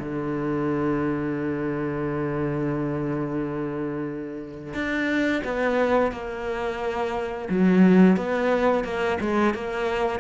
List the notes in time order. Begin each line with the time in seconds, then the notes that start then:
0.00 D3
4.74 D4
5.45 B3
6.12 A#3
7.50 F#3
8.17 B3
8.85 A#3
9.21 G#3
9.55 A#3